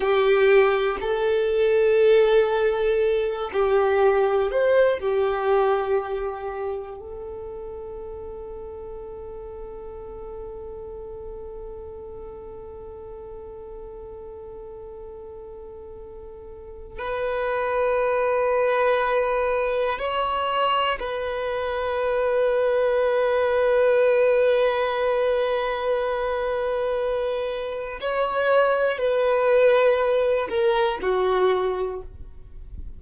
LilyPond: \new Staff \with { instrumentName = "violin" } { \time 4/4 \tempo 4 = 60 g'4 a'2~ a'8 g'8~ | g'8 c''8 g'2 a'4~ | a'1~ | a'1~ |
a'4 b'2. | cis''4 b'2.~ | b'1 | cis''4 b'4. ais'8 fis'4 | }